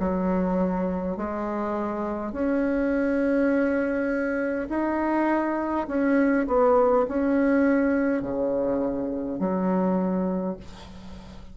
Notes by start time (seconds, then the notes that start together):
0.00 F#3
1.17 G#3
2.33 C#4
4.69 D#4
5.88 C#4
6.47 B3
7.08 C#4
8.22 C#3
9.40 F#3